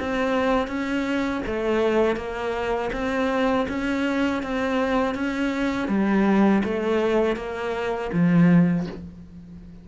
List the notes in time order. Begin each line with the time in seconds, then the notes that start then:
0.00 C4
0.67 C#4
1.46 A3
2.16 A#3
2.93 C4
3.69 C#4
4.43 C4
5.15 C#4
5.89 G3
6.64 A3
7.36 A#3
8.13 F3